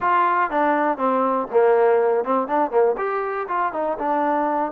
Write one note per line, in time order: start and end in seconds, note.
0.00 0.50 F4
0.50 0.97 D4
0.97 1.47 C4
1.51 2.24 A#3
2.24 2.47 C4
2.47 2.70 D4
2.70 2.95 A#3
2.97 3.47 G4
3.47 3.72 F4
3.72 3.97 D#4
3.98 4.72 D4